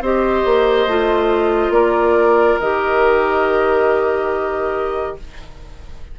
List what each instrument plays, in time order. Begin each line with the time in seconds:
0.00 bassoon C4, clarinet G4, oboe C5, flute D#5
0.45 bassoon A#3
0.87 bassoon A3, clarinet F4
1.70 bassoon A#3, oboe A#4, flute D5
2.59 bassoon D#3, clarinet G4, flute D#5